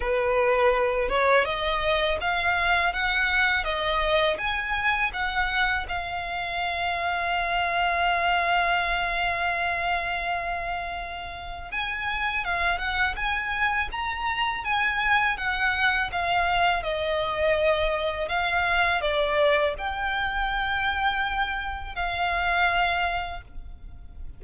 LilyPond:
\new Staff \with { instrumentName = "violin" } { \time 4/4 \tempo 4 = 82 b'4. cis''8 dis''4 f''4 | fis''4 dis''4 gis''4 fis''4 | f''1~ | f''1 |
gis''4 f''8 fis''8 gis''4 ais''4 | gis''4 fis''4 f''4 dis''4~ | dis''4 f''4 d''4 g''4~ | g''2 f''2 | }